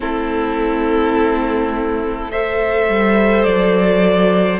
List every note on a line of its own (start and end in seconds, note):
0.00 2.88 A3
0.00 2.30 C4
0.00 2.30 E4
0.00 2.31 A4
2.30 4.59 A4
2.30 4.59 C5
2.30 3.43 E5
2.88 3.46 G3
3.43 4.59 F#3
3.43 4.58 D5